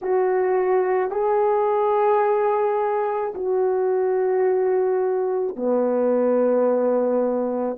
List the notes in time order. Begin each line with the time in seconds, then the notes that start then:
0.02 F#4
1.11 G#4
3.34 F#4
5.56 B3